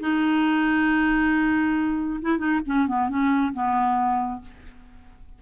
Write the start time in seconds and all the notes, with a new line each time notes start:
0.00 D#4
2.21 E4
2.38 D#4
2.67 C#4
2.87 B3
3.09 C#4
3.54 B3